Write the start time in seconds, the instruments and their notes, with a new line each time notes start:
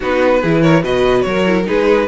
0.00 cello B3, viola D#4, violin F#4 B4
0.41 cello E3, viola E4, violin G#4
0.62 violin A#4 C#5
0.82 cello B2, viola F#4, violin B4 D#5
1.21 cello F#3, violin A#4 C#5
1.46 viola E4
1.64 cello G#3, viola D#4, violin G#4 B4